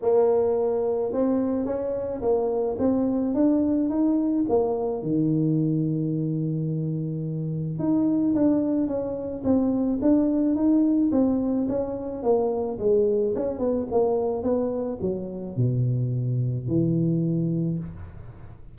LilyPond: \new Staff \with { instrumentName = "tuba" } { \time 4/4 \tempo 4 = 108 ais2 c'4 cis'4 | ais4 c'4 d'4 dis'4 | ais4 dis2.~ | dis2 dis'4 d'4 |
cis'4 c'4 d'4 dis'4 | c'4 cis'4 ais4 gis4 | cis'8 b8 ais4 b4 fis4 | b,2 e2 | }